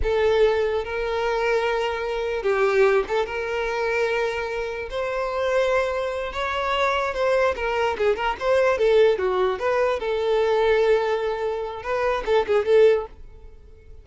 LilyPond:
\new Staff \with { instrumentName = "violin" } { \time 4/4 \tempo 4 = 147 a'2 ais'2~ | ais'2 g'4. a'8 | ais'1 | c''2.~ c''8 cis''8~ |
cis''4. c''4 ais'4 gis'8 | ais'8 c''4 a'4 fis'4 b'8~ | b'8 a'2.~ a'8~ | a'4 b'4 a'8 gis'8 a'4 | }